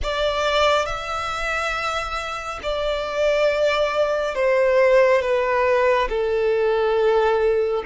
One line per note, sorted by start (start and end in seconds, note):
0.02 0.85 D5
0.85 2.59 E5
2.62 4.34 D5
4.34 5.21 C5
5.21 6.08 B4
6.09 7.83 A4